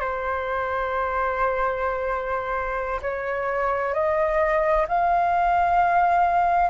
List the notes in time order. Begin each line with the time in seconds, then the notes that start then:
0.00 C5
3.02 C#5
3.94 D#5
4.88 F5